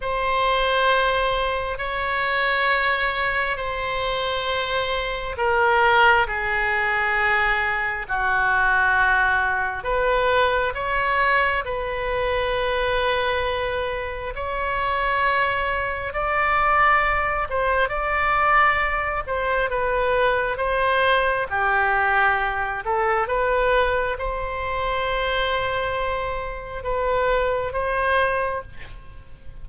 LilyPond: \new Staff \with { instrumentName = "oboe" } { \time 4/4 \tempo 4 = 67 c''2 cis''2 | c''2 ais'4 gis'4~ | gis'4 fis'2 b'4 | cis''4 b'2. |
cis''2 d''4. c''8 | d''4. c''8 b'4 c''4 | g'4. a'8 b'4 c''4~ | c''2 b'4 c''4 | }